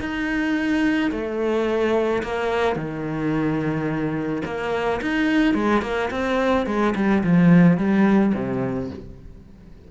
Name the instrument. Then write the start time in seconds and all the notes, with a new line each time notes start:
cello
0.00 D#4
1.12 A3
2.23 A#3
2.76 D#3
4.45 A#3
5.02 D#4
5.55 G#3
5.82 A#3
6.11 C4
6.67 G#3
6.95 G3
7.23 F3
7.78 G3
8.34 C3